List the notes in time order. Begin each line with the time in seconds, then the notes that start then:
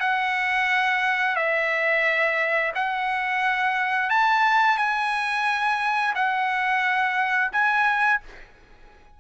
0.00 F#5
1.36 E5
2.75 F#5
4.10 A5
4.77 G#5
6.15 F#5
7.52 G#5